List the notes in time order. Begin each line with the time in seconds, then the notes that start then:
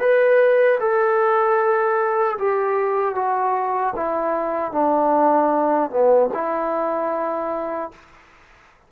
0.00 B4
0.80 A4
2.38 G4
3.15 F#4
3.96 E4
4.72 D4
5.90 B3
6.34 E4